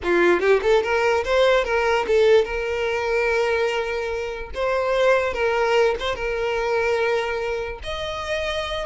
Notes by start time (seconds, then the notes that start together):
0.03 F4
0.40 G4
0.62 A4
0.82 A#4
1.24 C5
1.64 A#4
2.07 A4
2.44 A#4
4.54 C5
5.33 A#4
5.99 C5
6.15 A#4
7.83 D#5